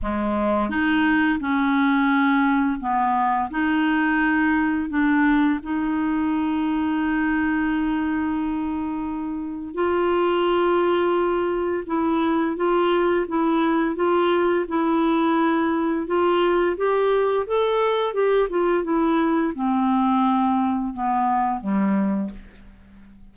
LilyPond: \new Staff \with { instrumentName = "clarinet" } { \time 4/4 \tempo 4 = 86 gis4 dis'4 cis'2 | b4 dis'2 d'4 | dis'1~ | dis'2 f'2~ |
f'4 e'4 f'4 e'4 | f'4 e'2 f'4 | g'4 a'4 g'8 f'8 e'4 | c'2 b4 g4 | }